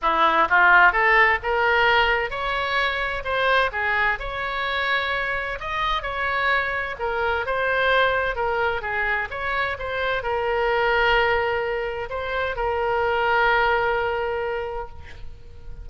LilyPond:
\new Staff \with { instrumentName = "oboe" } { \time 4/4 \tempo 4 = 129 e'4 f'4 a'4 ais'4~ | ais'4 cis''2 c''4 | gis'4 cis''2. | dis''4 cis''2 ais'4 |
c''2 ais'4 gis'4 | cis''4 c''4 ais'2~ | ais'2 c''4 ais'4~ | ais'1 | }